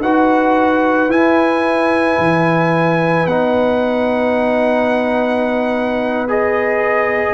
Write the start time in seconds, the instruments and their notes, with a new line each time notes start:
0.00 tuba D#4, trombone F#4, horn B4, trumpet F#5
1.08 tuba E4, trombone E4, trumpet G#5
2.18 tuba E3
3.26 tuba B3, trombone D#4, trumpet F#5
6.28 trombone G#4, trumpet D#5